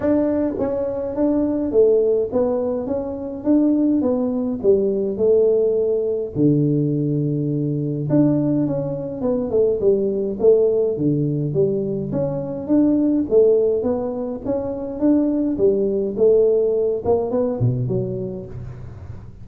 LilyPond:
\new Staff \with { instrumentName = "tuba" } { \time 4/4 \tempo 4 = 104 d'4 cis'4 d'4 a4 | b4 cis'4 d'4 b4 | g4 a2 d4~ | d2 d'4 cis'4 |
b8 a8 g4 a4 d4 | g4 cis'4 d'4 a4 | b4 cis'4 d'4 g4 | a4. ais8 b8 b,8 fis4 | }